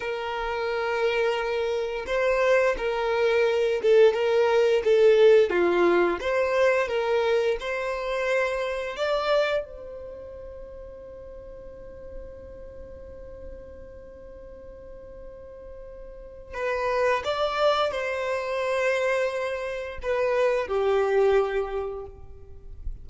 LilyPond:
\new Staff \with { instrumentName = "violin" } { \time 4/4 \tempo 4 = 87 ais'2. c''4 | ais'4. a'8 ais'4 a'4 | f'4 c''4 ais'4 c''4~ | c''4 d''4 c''2~ |
c''1~ | c''1 | b'4 d''4 c''2~ | c''4 b'4 g'2 | }